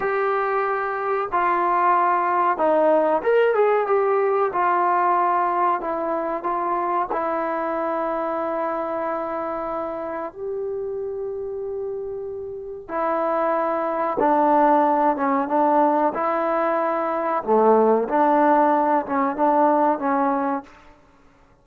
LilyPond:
\new Staff \with { instrumentName = "trombone" } { \time 4/4 \tempo 4 = 93 g'2 f'2 | dis'4 ais'8 gis'8 g'4 f'4~ | f'4 e'4 f'4 e'4~ | e'1 |
g'1 | e'2 d'4. cis'8 | d'4 e'2 a4 | d'4. cis'8 d'4 cis'4 | }